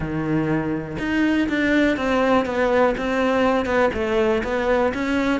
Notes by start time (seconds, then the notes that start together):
0.00 D#3
0.99 D#4
1.48 D4
1.96 C4
2.45 B3
2.97 C4
3.65 B3
3.93 A3
4.43 B3
4.93 C#4